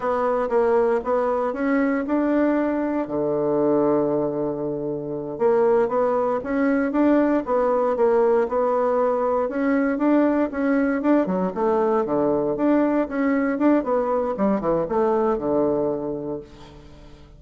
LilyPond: \new Staff \with { instrumentName = "bassoon" } { \time 4/4 \tempo 4 = 117 b4 ais4 b4 cis'4 | d'2 d2~ | d2~ d8 ais4 b8~ | b8 cis'4 d'4 b4 ais8~ |
ais8 b2 cis'4 d'8~ | d'8 cis'4 d'8 fis8 a4 d8~ | d8 d'4 cis'4 d'8 b4 | g8 e8 a4 d2 | }